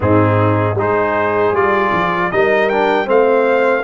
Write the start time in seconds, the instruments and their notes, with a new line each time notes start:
0.00 tuba G#2, trombone C4, horn D#4, trumpet G#4
0.74 tuba G#3, trombone D#4, horn G#4, trumpet C5
1.51 tuba G3, trombone F4, trumpet D5
1.92 tuba F3
2.31 tuba G3, trombone D#4, horn A#4, trumpet D#5
2.69 trombone D4, trumpet G5
3.05 tuba A3, trombone C4, horn C5, trumpet F5